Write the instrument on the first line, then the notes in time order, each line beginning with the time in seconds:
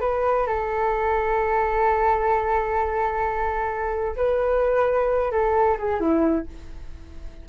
flute
0.00 B4
0.46 A4
4.16 B4
5.31 A4
5.77 G#4
6.00 E4